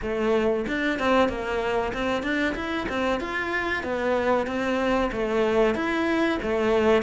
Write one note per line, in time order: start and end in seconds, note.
0.02 0.66 A3
0.67 0.99 D4
0.99 1.29 C4
1.29 1.92 A#3
1.93 2.23 C4
2.23 2.54 D4
2.55 2.87 E4
2.88 3.20 C4
3.20 3.83 F4
3.83 4.46 B3
4.46 5.10 C4
5.12 5.74 A3
5.74 6.38 E4
6.42 7.02 A3